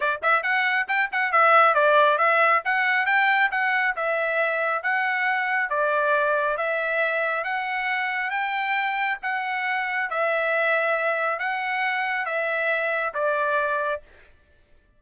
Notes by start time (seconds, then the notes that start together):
0.00 D5
0.22 E5
0.42 F#5
0.88 G5
1.12 F#5
1.32 E5
1.74 D5
2.18 E5
2.64 F#5
3.06 G5
3.51 F#5
3.95 E5
4.82 F#5
5.69 D5
6.57 E5
7.44 F#5
8.30 G5
9.22 F#5
10.09 E5
11.39 F#5
12.25 E5
13.14 D5